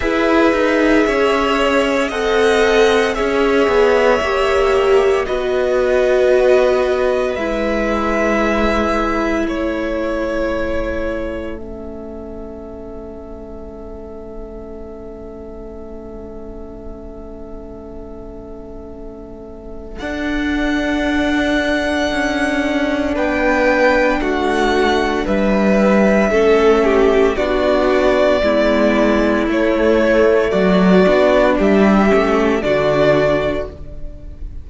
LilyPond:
<<
  \new Staff \with { instrumentName = "violin" } { \time 4/4 \tempo 4 = 57 e''2 fis''4 e''4~ | e''4 dis''2 e''4~ | e''4 cis''2 e''4~ | e''1~ |
e''2. fis''4~ | fis''2 g''4 fis''4 | e''2 d''2 | cis''4 d''4 e''4 d''4 | }
  \new Staff \with { instrumentName = "violin" } { \time 4/4 b'4 cis''4 dis''4 cis''4~ | cis''4 b'2.~ | b'4 a'2.~ | a'1~ |
a'1~ | a'2 b'4 fis'4 | b'4 a'8 g'8 fis'4 e'4~ | e'4 fis'4 g'4 fis'4 | }
  \new Staff \with { instrumentName = "viola" } { \time 4/4 gis'2 a'4 gis'4 | g'4 fis'2 e'4~ | e'2. cis'4~ | cis'1~ |
cis'2. d'4~ | d'1~ | d'4 cis'4 d'4 b4 | a4. d'4 cis'8 d'4 | }
  \new Staff \with { instrumentName = "cello" } { \time 4/4 e'8 dis'8 cis'4 c'4 cis'8 b8 | ais4 b2 gis4~ | gis4 a2.~ | a1~ |
a2. d'4~ | d'4 cis'4 b4 a4 | g4 a4 b4 gis4 | a4 fis8 b8 g8 a8 d4 | }
>>